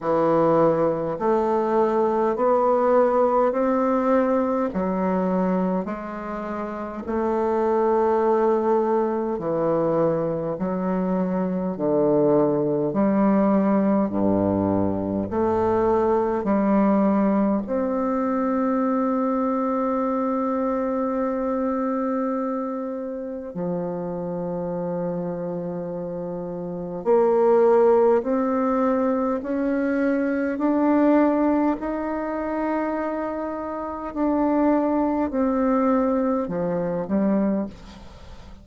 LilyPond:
\new Staff \with { instrumentName = "bassoon" } { \time 4/4 \tempo 4 = 51 e4 a4 b4 c'4 | fis4 gis4 a2 | e4 fis4 d4 g4 | g,4 a4 g4 c'4~ |
c'1 | f2. ais4 | c'4 cis'4 d'4 dis'4~ | dis'4 d'4 c'4 f8 g8 | }